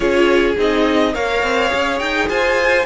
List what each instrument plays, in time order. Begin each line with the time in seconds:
0.00 cello C#4, viola F4, violin G#4 C#5
0.57 cello C4, viola D#4, violin D#5
1.13 cello A#3, viola A#4, violin C#5 F5
1.42 cello C4
1.68 cello C#4, viola G#4
1.99 cello D#4, violin G5
2.29 cello F4, violin C5 G#5